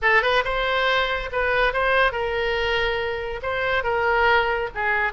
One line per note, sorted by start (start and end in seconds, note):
0.01 0.22 A4
0.22 0.43 B4
0.44 1.30 C5
1.31 1.73 B4
1.73 2.12 C5
2.12 3.40 A#4
3.42 3.83 C5
3.83 4.69 A#4
4.75 5.13 G#4